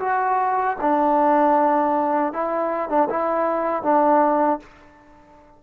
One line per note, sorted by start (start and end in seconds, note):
0.00 0.77 F#4
0.81 2.33 D4
2.33 2.89 E4
2.89 3.08 D4
3.10 3.83 E4
3.83 4.60 D4